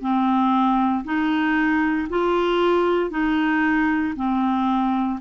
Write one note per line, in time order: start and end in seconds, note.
0.00 1.03 C4
1.04 2.07 D#4
2.09 3.10 F4
3.10 4.14 D#4
4.16 5.19 C4